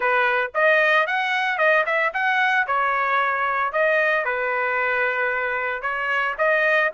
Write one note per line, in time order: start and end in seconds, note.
0.00 0.51 B4
0.54 1.06 D#5
1.06 1.58 F#5
1.58 1.84 D#5
1.86 2.12 E5
2.13 2.66 F#5
2.66 3.72 C#5
3.72 4.24 D#5
4.24 5.81 B4
5.81 6.35 C#5
6.37 6.91 D#5